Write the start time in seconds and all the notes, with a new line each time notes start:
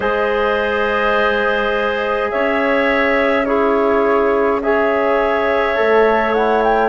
0.00 G#3 G#4 C5 D#5
2.31 C#4 C#5 E5
3.45 E4 G#4 C#5
4.62 G#4 C#5 E5
5.75 A3 A4
6.33 E4 F#5
6.63 G5